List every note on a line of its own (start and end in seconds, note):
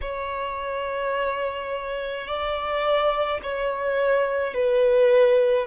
0.01 2.27 C#5
2.27 3.40 D5
3.43 4.53 C#5
4.53 5.66 B4